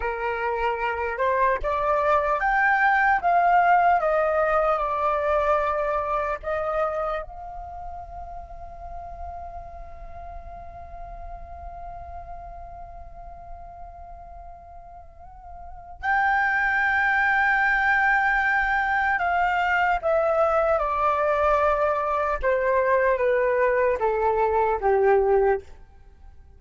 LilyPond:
\new Staff \with { instrumentName = "flute" } { \time 4/4 \tempo 4 = 75 ais'4. c''8 d''4 g''4 | f''4 dis''4 d''2 | dis''4 f''2.~ | f''1~ |
f''1 | g''1 | f''4 e''4 d''2 | c''4 b'4 a'4 g'4 | }